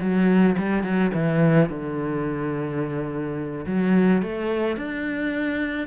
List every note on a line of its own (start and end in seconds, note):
0.00 0.56 F#3
0.58 0.83 G3
0.83 1.11 F#3
1.13 1.69 E3
1.69 3.65 D3
3.66 4.22 F#3
4.22 4.76 A3
4.76 5.87 D4